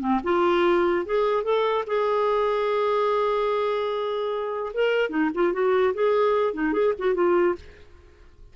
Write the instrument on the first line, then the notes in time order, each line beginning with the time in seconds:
clarinet
0.00 C4
0.24 F4
1.05 G#4
1.44 A4
1.87 G#4
4.73 A#4
5.10 D#4
5.34 F4
5.53 F#4
5.94 G#4
6.53 D#4
6.73 G#4
6.98 F#4
7.14 F4